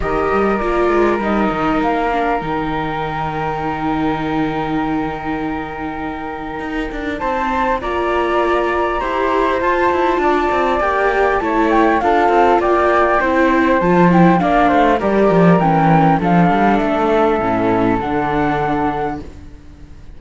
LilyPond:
<<
  \new Staff \with { instrumentName = "flute" } { \time 4/4 \tempo 4 = 100 dis''4 d''4 dis''4 f''4 | g''1~ | g''1 | a''4 ais''2. |
a''2 g''4 a''8 g''8 | f''4 g''2 a''8 g''8 | f''4 d''4 g''4 f''4 | e''2 fis''2 | }
  \new Staff \with { instrumentName = "flute" } { \time 4/4 ais'1~ | ais'1~ | ais'1 | c''4 d''2 c''4~ |
c''4 d''2 cis''4 | a'4 d''4 c''2 | d''8 c''8 ais'2 a'4~ | a'1 | }
  \new Staff \with { instrumentName = "viola" } { \time 4/4 g'4 f'4 dis'4. d'8 | dis'1~ | dis'1~ | dis'4 f'2 g'4 |
f'2 g'4 e'4 | f'2 e'4 f'8 e'8 | d'4 g'4 cis'4 d'4~ | d'4 cis'4 d'2 | }
  \new Staff \with { instrumentName = "cello" } { \time 4/4 dis8 g8 ais8 gis8 g8 dis8 ais4 | dis1~ | dis2. dis'8 d'8 | c'4 ais2 e'4 |
f'8 e'8 d'8 c'8 ais4 a4 | d'8 c'8 ais4 c'4 f4 | ais8 a8 g8 f8 e4 f8 g8 | a4 a,4 d2 | }
>>